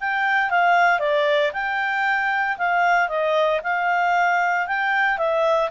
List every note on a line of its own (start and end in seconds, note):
0.00 0.50 G5
0.50 0.99 F5
0.99 1.52 D5
1.53 2.57 G5
2.58 3.08 F5
3.08 3.60 D#5
3.63 4.67 F5
4.67 5.17 G5
5.17 5.70 E5